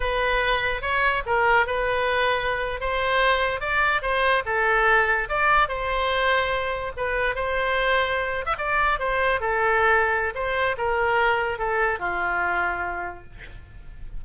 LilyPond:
\new Staff \with { instrumentName = "oboe" } { \time 4/4 \tempo 4 = 145 b'2 cis''4 ais'4 | b'2~ b'8. c''4~ c''16~ | c''8. d''4 c''4 a'4~ a'16~ | a'8. d''4 c''2~ c''16~ |
c''8. b'4 c''2~ c''16~ | c''8 e''16 d''4 c''4 a'4~ a'16~ | a'4 c''4 ais'2 | a'4 f'2. | }